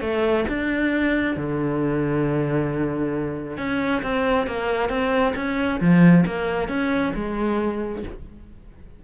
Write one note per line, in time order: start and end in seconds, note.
0.00 0.44 A3
0.48 1.36 D4
1.36 3.58 D3
3.58 4.02 C#4
4.02 4.46 C4
4.46 4.89 A#3
4.89 5.34 C4
5.35 5.80 C#4
5.80 6.25 F3
6.26 6.68 A#3
6.68 7.13 C#4
7.15 8.03 G#3